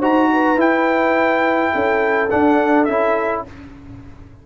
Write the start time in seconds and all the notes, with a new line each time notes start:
0.00 D#4 F#4 C5 A#5
0.33 B4
0.57 E4 G5
1.74 C#4 A4
2.30 D4 F#5
2.85 C#4 E4 E5